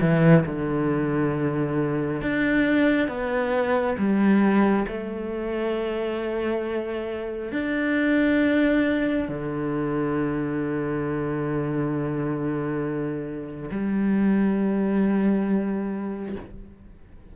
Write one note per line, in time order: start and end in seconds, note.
0.00 0.44 E3
0.46 2.21 D3
2.21 3.08 D4
3.08 3.96 B3
3.97 4.86 G3
4.87 7.52 A3
7.52 9.28 D4
9.28 13.69 D3
13.70 16.35 G3